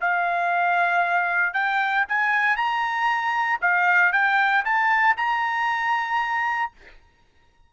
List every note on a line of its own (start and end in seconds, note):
0.00 1.53 F5
1.53 2.05 G5
2.08 2.56 G#5
2.56 3.59 A#5
3.61 4.12 F5
4.12 4.64 G5
4.64 5.16 A5
5.17 6.72 A#5